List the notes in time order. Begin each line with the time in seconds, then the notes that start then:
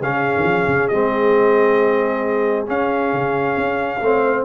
0.00 C#3 C#4 G#4 F5
0.36 D#3
0.43 F3
0.67 C#3
0.88 G#3 C4 D#5
2.67 C#4 F5
3.12 C#3
3.57 C#4
4.01 A3 C4 C#5
4.24 C5